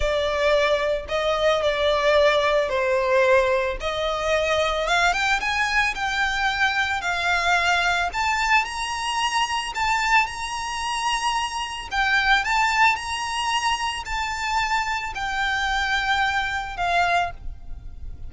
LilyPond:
\new Staff \with { instrumentName = "violin" } { \time 4/4 \tempo 4 = 111 d''2 dis''4 d''4~ | d''4 c''2 dis''4~ | dis''4 f''8 g''8 gis''4 g''4~ | g''4 f''2 a''4 |
ais''2 a''4 ais''4~ | ais''2 g''4 a''4 | ais''2 a''2 | g''2. f''4 | }